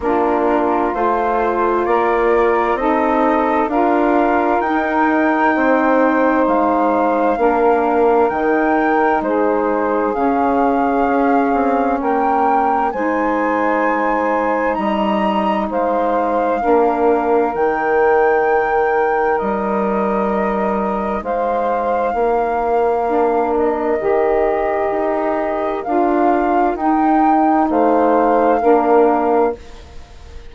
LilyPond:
<<
  \new Staff \with { instrumentName = "flute" } { \time 4/4 \tempo 4 = 65 ais'4 c''4 d''4 dis''4 | f''4 g''2 f''4~ | f''4 g''4 c''4 f''4~ | f''4 g''4 gis''2 |
ais''4 f''2 g''4~ | g''4 dis''2 f''4~ | f''4. dis''2~ dis''8 | f''4 g''4 f''2 | }
  \new Staff \with { instrumentName = "saxophone" } { \time 4/4 f'2 ais'4 a'4 | ais'2 c''2 | ais'2 gis'2~ | gis'4 ais'4 c''2 |
dis''4 c''4 ais'2~ | ais'2. c''4 | ais'1~ | ais'2 c''4 ais'4 | }
  \new Staff \with { instrumentName = "saxophone" } { \time 4/4 d'4 f'2 dis'4 | f'4 dis'2. | d'4 dis'2 cis'4~ | cis'2 dis'2~ |
dis'2 d'4 dis'4~ | dis'1~ | dis'4 d'4 g'2 | f'4 dis'2 d'4 | }
  \new Staff \with { instrumentName = "bassoon" } { \time 4/4 ais4 a4 ais4 c'4 | d'4 dis'4 c'4 gis4 | ais4 dis4 gis4 cis4 | cis'8 c'8 ais4 gis2 |
g4 gis4 ais4 dis4~ | dis4 g2 gis4 | ais2 dis4 dis'4 | d'4 dis'4 a4 ais4 | }
>>